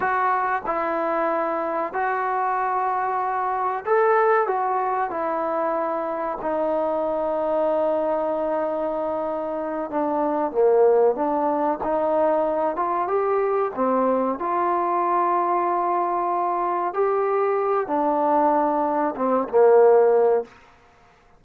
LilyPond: \new Staff \with { instrumentName = "trombone" } { \time 4/4 \tempo 4 = 94 fis'4 e'2 fis'4~ | fis'2 a'4 fis'4 | e'2 dis'2~ | dis'2.~ dis'8 d'8~ |
d'8 ais4 d'4 dis'4. | f'8 g'4 c'4 f'4.~ | f'2~ f'8 g'4. | d'2 c'8 ais4. | }